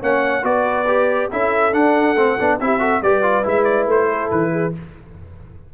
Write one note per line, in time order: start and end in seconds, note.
0.00 0.43 A#3
0.00 0.43 C#4
0.00 0.43 C#5
0.00 0.45 F#5
0.43 1.29 B3
0.43 0.85 F#4
0.43 1.31 B4
0.43 1.31 D5
0.87 1.30 G4
1.31 1.73 C#4
1.31 1.73 E4
1.31 2.60 A4
1.31 1.74 E5
1.73 2.15 D4
1.73 2.59 F#5
2.15 2.37 A3
2.15 2.38 C4
2.39 2.60 B3
2.39 2.60 D4
2.60 3.02 C4
2.60 2.79 E4
2.60 2.80 G4
2.60 3.03 E5
2.79 3.01 F#4
2.79 3.02 A4
3.02 3.45 G3
3.02 3.22 G4
3.02 4.10 B4
3.02 3.45 D5
3.22 3.44 F4
3.44 3.87 G#3
3.44 4.72 E4
3.44 3.64 E5
3.64 3.86 D5
3.87 4.29 A3
3.87 4.31 C5
4.10 4.52 A4
4.31 4.74 E3
4.31 4.74 B4
4.52 4.73 G#4